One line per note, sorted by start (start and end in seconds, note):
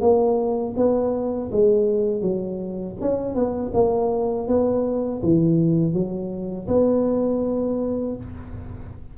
0.00 0.74 A#3
0.76 1.50 B3
1.52 2.21 G#3
2.21 2.95 F#3
3.01 3.34 C#4
3.34 3.71 B3
3.73 4.47 A#3
4.47 5.21 B3
5.22 5.93 E3
5.93 6.67 F#3
6.67 8.15 B3